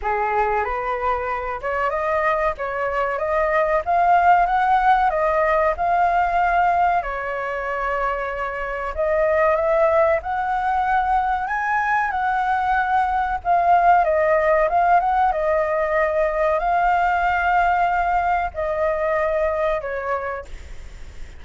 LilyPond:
\new Staff \with { instrumentName = "flute" } { \time 4/4 \tempo 4 = 94 gis'4 b'4. cis''8 dis''4 | cis''4 dis''4 f''4 fis''4 | dis''4 f''2 cis''4~ | cis''2 dis''4 e''4 |
fis''2 gis''4 fis''4~ | fis''4 f''4 dis''4 f''8 fis''8 | dis''2 f''2~ | f''4 dis''2 cis''4 | }